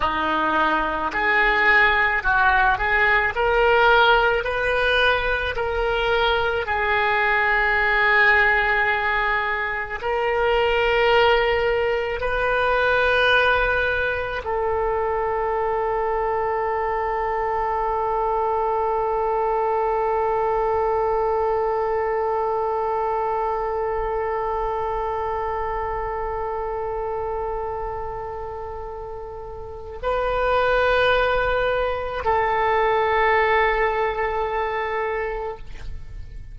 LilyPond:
\new Staff \with { instrumentName = "oboe" } { \time 4/4 \tempo 4 = 54 dis'4 gis'4 fis'8 gis'8 ais'4 | b'4 ais'4 gis'2~ | gis'4 ais'2 b'4~ | b'4 a'2.~ |
a'1~ | a'1~ | a'2. b'4~ | b'4 a'2. | }